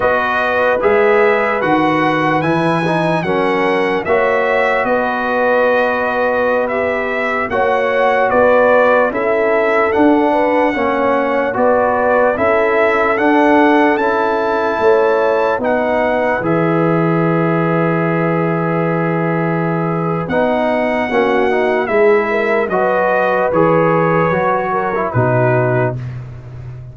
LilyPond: <<
  \new Staff \with { instrumentName = "trumpet" } { \time 4/4 \tempo 4 = 74 dis''4 e''4 fis''4 gis''4 | fis''4 e''4 dis''2~ | dis''16 e''4 fis''4 d''4 e''8.~ | e''16 fis''2 d''4 e''8.~ |
e''16 fis''4 a''2 fis''8.~ | fis''16 e''2.~ e''8.~ | e''4 fis''2 e''4 | dis''4 cis''2 b'4 | }
  \new Staff \with { instrumentName = "horn" } { \time 4/4 b'1 | ais'4 cis''4 b'2~ | b'4~ b'16 cis''4 b'4 a'8.~ | a'8. b'8 cis''4 b'4 a'8.~ |
a'2~ a'16 cis''4 b'8.~ | b'1~ | b'2 fis'4 gis'8 ais'8 | b'2~ b'8 ais'8 fis'4 | }
  \new Staff \with { instrumentName = "trombone" } { \time 4/4 fis'4 gis'4 fis'4 e'8 dis'8 | cis'4 fis'2.~ | fis'16 g'4 fis'2 e'8.~ | e'16 d'4 cis'4 fis'4 e'8.~ |
e'16 d'4 e'2 dis'8.~ | dis'16 gis'2.~ gis'8.~ | gis'4 dis'4 cis'8 dis'8 e'4 | fis'4 gis'4 fis'8. e'16 dis'4 | }
  \new Staff \with { instrumentName = "tuba" } { \time 4/4 b4 gis4 dis4 e4 | fis4 ais4 b2~ | b4~ b16 ais4 b4 cis'8.~ | cis'16 d'4 ais4 b4 cis'8.~ |
cis'16 d'4 cis'4 a4 b8.~ | b16 e2.~ e8.~ | e4 b4 ais4 gis4 | fis4 e4 fis4 b,4 | }
>>